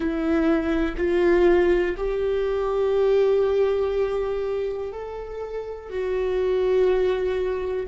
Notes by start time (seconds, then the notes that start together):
0.00 E4
0.97 F4
1.97 G4
4.92 A4
5.89 F#4